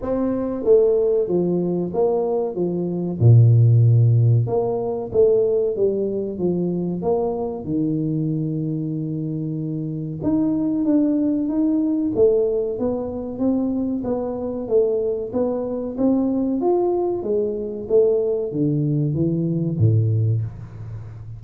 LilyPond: \new Staff \with { instrumentName = "tuba" } { \time 4/4 \tempo 4 = 94 c'4 a4 f4 ais4 | f4 ais,2 ais4 | a4 g4 f4 ais4 | dis1 |
dis'4 d'4 dis'4 a4 | b4 c'4 b4 a4 | b4 c'4 f'4 gis4 | a4 d4 e4 a,4 | }